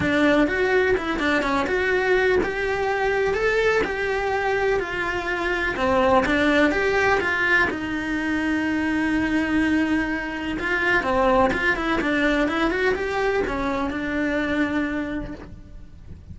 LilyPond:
\new Staff \with { instrumentName = "cello" } { \time 4/4 \tempo 4 = 125 d'4 fis'4 e'8 d'8 cis'8 fis'8~ | fis'4 g'2 a'4 | g'2 f'2 | c'4 d'4 g'4 f'4 |
dis'1~ | dis'2 f'4 c'4 | f'8 e'8 d'4 e'8 fis'8 g'4 | cis'4 d'2. | }